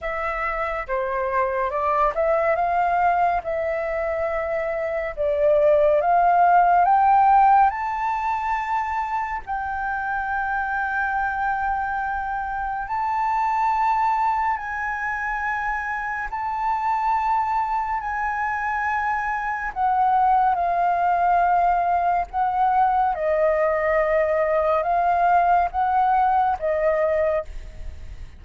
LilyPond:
\new Staff \with { instrumentName = "flute" } { \time 4/4 \tempo 4 = 70 e''4 c''4 d''8 e''8 f''4 | e''2 d''4 f''4 | g''4 a''2 g''4~ | g''2. a''4~ |
a''4 gis''2 a''4~ | a''4 gis''2 fis''4 | f''2 fis''4 dis''4~ | dis''4 f''4 fis''4 dis''4 | }